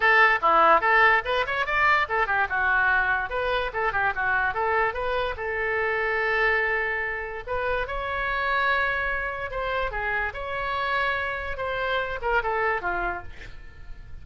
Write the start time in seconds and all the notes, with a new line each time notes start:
0.00 A4
0.41 E4
0.81 A4
1.24 B4
1.46 C#5
1.66 D5
2.09 A4
2.26 G4
2.49 F#4
3.29 B4
3.73 A4
3.92 G4
4.15 F#4
4.54 A4
4.93 B4
5.36 A4
7.46 B4
7.87 C#5
9.50 C5
9.91 G#4
10.33 C#5
11.57 C5
12.21 A#4
12.43 A4
12.81 F4